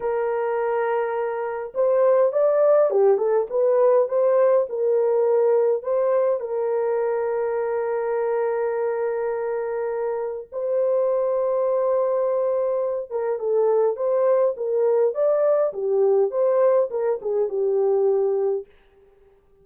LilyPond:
\new Staff \with { instrumentName = "horn" } { \time 4/4 \tempo 4 = 103 ais'2. c''4 | d''4 g'8 a'8 b'4 c''4 | ais'2 c''4 ais'4~ | ais'1~ |
ais'2 c''2~ | c''2~ c''8 ais'8 a'4 | c''4 ais'4 d''4 g'4 | c''4 ais'8 gis'8 g'2 | }